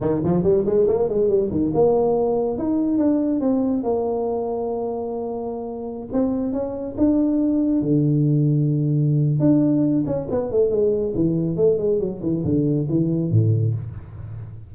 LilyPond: \new Staff \with { instrumentName = "tuba" } { \time 4/4 \tempo 4 = 140 dis8 f8 g8 gis8 ais8 gis8 g8 dis8 | ais2 dis'4 d'4 | c'4 ais2.~ | ais2~ ais16 c'4 cis'8.~ |
cis'16 d'2 d4.~ d16~ | d2 d'4. cis'8 | b8 a8 gis4 e4 a8 gis8 | fis8 e8 d4 e4 a,4 | }